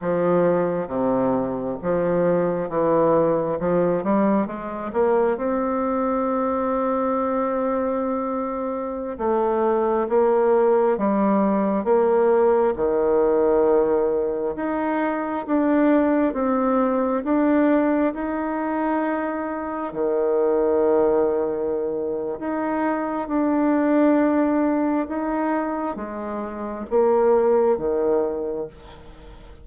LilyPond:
\new Staff \with { instrumentName = "bassoon" } { \time 4/4 \tempo 4 = 67 f4 c4 f4 e4 | f8 g8 gis8 ais8 c'2~ | c'2~ c'16 a4 ais8.~ | ais16 g4 ais4 dis4.~ dis16~ |
dis16 dis'4 d'4 c'4 d'8.~ | d'16 dis'2 dis4.~ dis16~ | dis4 dis'4 d'2 | dis'4 gis4 ais4 dis4 | }